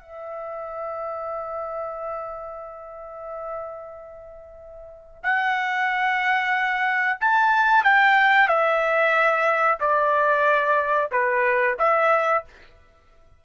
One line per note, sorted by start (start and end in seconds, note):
0.00 5.22 E5
5.23 7.19 F#5
7.20 7.84 A5
7.84 8.48 G5
8.48 9.78 E5
9.80 11.10 D5
11.11 11.77 B4
11.79 12.44 E5